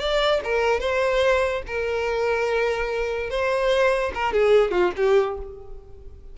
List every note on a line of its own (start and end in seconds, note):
0.00 0.41 D5
0.44 0.81 A#4
0.81 1.63 C5
1.67 3.30 A#4
3.30 4.12 C5
4.15 4.33 A#4
4.33 4.71 G#4
4.71 4.92 F4
4.97 5.38 G4